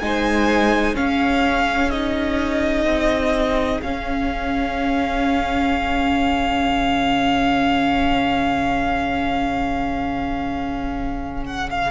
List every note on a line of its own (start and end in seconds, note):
0.00 0.97 G#3
0.00 0.94 D#4
0.00 0.98 C5
0.00 0.95 G#5
0.94 1.90 C#4
0.94 2.86 C#4
0.94 11.91 G#4
0.94 1.91 F5
1.91 3.82 D#4
1.91 3.82 D#5
2.86 3.81 C4
3.82 6.68 C#4
3.82 11.91 C#4
3.82 11.44 F5
6.68 11.91 C#3
11.46 11.70 F#5
11.71 11.91 F5